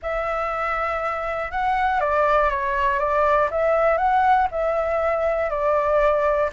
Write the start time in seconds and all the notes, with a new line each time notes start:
0.02 E5
1.51 F#5
2.00 D5
2.50 C#5
2.99 D5
3.50 E5
3.97 F#5
4.51 E5
5.50 D5